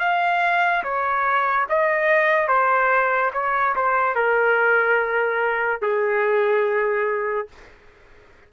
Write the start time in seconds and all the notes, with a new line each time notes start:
0.00 F5
0.84 C#5
1.70 D#5
2.48 C5
3.34 C#5
3.76 C5
4.16 A#4
5.82 G#4